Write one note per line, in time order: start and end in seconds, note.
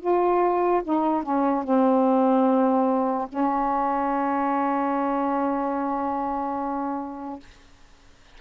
0.00 0.82 F4
0.84 1.23 D#4
1.23 1.64 C#4
1.64 3.28 C4
3.29 7.40 C#4